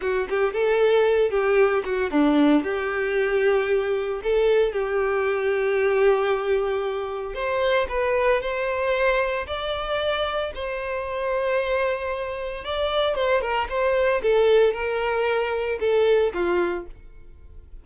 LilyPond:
\new Staff \with { instrumentName = "violin" } { \time 4/4 \tempo 4 = 114 fis'8 g'8 a'4. g'4 fis'8 | d'4 g'2. | a'4 g'2.~ | g'2 c''4 b'4 |
c''2 d''2 | c''1 | d''4 c''8 ais'8 c''4 a'4 | ais'2 a'4 f'4 | }